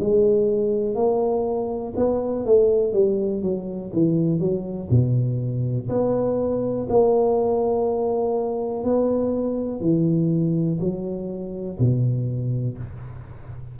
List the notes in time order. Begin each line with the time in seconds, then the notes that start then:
0.00 G#3
0.95 A#3
1.97 B3
2.46 A3
2.94 G3
3.42 F#3
3.93 E3
4.40 F#3
4.90 B2
5.89 B3
6.90 A#3
8.84 B3
9.81 E3
10.81 F#3
11.80 B2